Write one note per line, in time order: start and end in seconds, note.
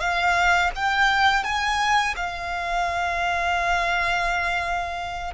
0.00 0.71 F5
0.75 1.44 G5
1.44 2.14 G#5
2.16 5.33 F5